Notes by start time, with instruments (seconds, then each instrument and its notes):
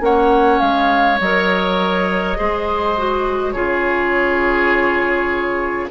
0.00 bassoon A#3, clarinet C#4, oboe C#5, flute F#5
0.60 bassoon G#3, flute F5
1.20 bassoon F#3, clarinet A#4, flute D#5
2.36 bassoon G#3, clarinet G#4, oboe C5
2.98 clarinet F#4
3.52 bassoon C#3, clarinet F4, oboe G#4, flute C#5